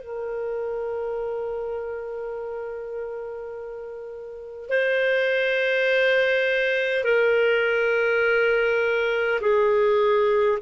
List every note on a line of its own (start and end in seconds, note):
0.00 4.70 A#4
4.70 7.04 C5
7.04 9.40 A#4
9.41 10.59 G#4